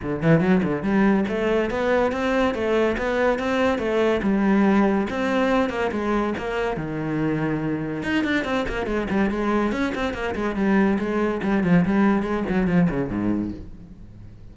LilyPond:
\new Staff \with { instrumentName = "cello" } { \time 4/4 \tempo 4 = 142 d8 e8 fis8 d8 g4 a4 | b4 c'4 a4 b4 | c'4 a4 g2 | c'4. ais8 gis4 ais4 |
dis2. dis'8 d'8 | c'8 ais8 gis8 g8 gis4 cis'8 c'8 | ais8 gis8 g4 gis4 g8 f8 | g4 gis8 fis8 f8 cis8 gis,4 | }